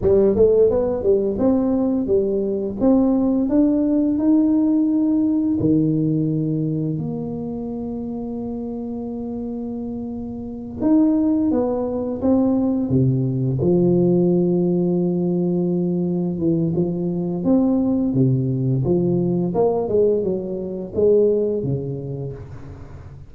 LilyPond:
\new Staff \with { instrumentName = "tuba" } { \time 4/4 \tempo 4 = 86 g8 a8 b8 g8 c'4 g4 | c'4 d'4 dis'2 | dis2 ais2~ | ais2.~ ais8 dis'8~ |
dis'8 b4 c'4 c4 f8~ | f2.~ f8 e8 | f4 c'4 c4 f4 | ais8 gis8 fis4 gis4 cis4 | }